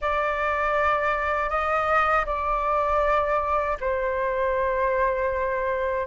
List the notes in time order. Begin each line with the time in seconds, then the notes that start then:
0.01 D5
1.49 D#5
2.25 D5
3.80 C5